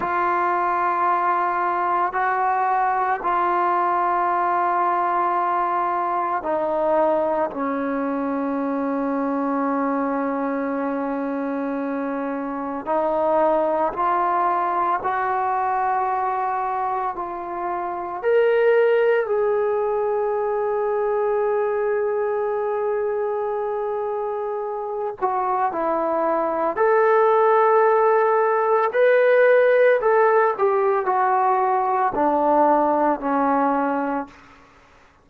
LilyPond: \new Staff \with { instrumentName = "trombone" } { \time 4/4 \tempo 4 = 56 f'2 fis'4 f'4~ | f'2 dis'4 cis'4~ | cis'1 | dis'4 f'4 fis'2 |
f'4 ais'4 gis'2~ | gis'2.~ gis'8 fis'8 | e'4 a'2 b'4 | a'8 g'8 fis'4 d'4 cis'4 | }